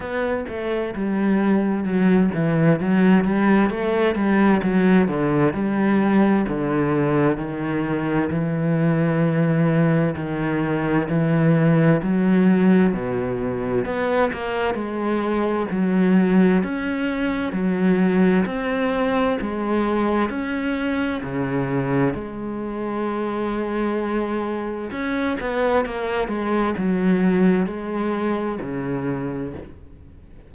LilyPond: \new Staff \with { instrumentName = "cello" } { \time 4/4 \tempo 4 = 65 b8 a8 g4 fis8 e8 fis8 g8 | a8 g8 fis8 d8 g4 d4 | dis4 e2 dis4 | e4 fis4 b,4 b8 ais8 |
gis4 fis4 cis'4 fis4 | c'4 gis4 cis'4 cis4 | gis2. cis'8 b8 | ais8 gis8 fis4 gis4 cis4 | }